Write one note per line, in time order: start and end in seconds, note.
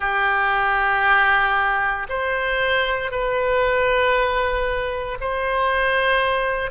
0.00 2.07 G4
2.09 3.11 C5
3.11 5.18 B4
5.20 6.71 C5